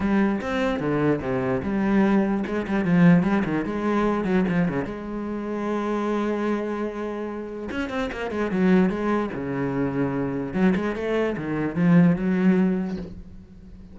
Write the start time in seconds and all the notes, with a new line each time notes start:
0.00 G3
0.41 C4
0.79 D3
1.21 C3
1.62 G3
2.46 G#3
2.67 G3
2.84 F3
3.23 G3
3.45 D#3
3.65 G#3
4.24 F#3
4.48 F3
4.68 C#3
4.84 G#3
7.71 C#4
7.89 C4
8.11 A#3
8.30 G#3
8.51 F#3
8.89 G#3
9.33 C#3
10.53 F#3
10.75 G#3
10.95 A3
11.37 D#3
11.75 F3
12.16 F#3